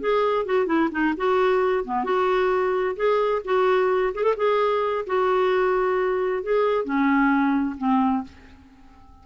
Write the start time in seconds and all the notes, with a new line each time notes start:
0.00 G#4
0.45 F#4
0.66 E4
0.91 D#4
1.17 F#4
1.85 B3
2.04 F#4
2.96 G#4
3.44 F#4
4.14 G#4
4.23 A4
4.36 G#4
5.06 F#4
6.43 G#4
6.84 C#4
7.78 C4